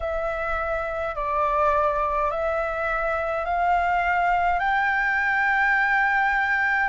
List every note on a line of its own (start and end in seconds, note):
0.00 1.15 E5
1.15 2.30 D5
2.31 3.45 E5
3.45 4.59 F5
4.59 6.89 G5